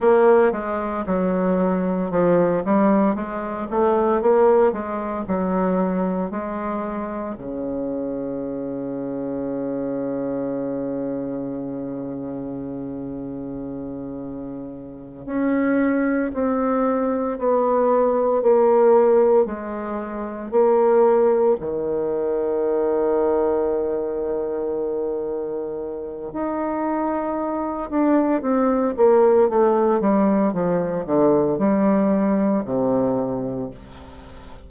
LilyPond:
\new Staff \with { instrumentName = "bassoon" } { \time 4/4 \tempo 4 = 57 ais8 gis8 fis4 f8 g8 gis8 a8 | ais8 gis8 fis4 gis4 cis4~ | cis1~ | cis2~ cis8 cis'4 c'8~ |
c'8 b4 ais4 gis4 ais8~ | ais8 dis2.~ dis8~ | dis4 dis'4. d'8 c'8 ais8 | a8 g8 f8 d8 g4 c4 | }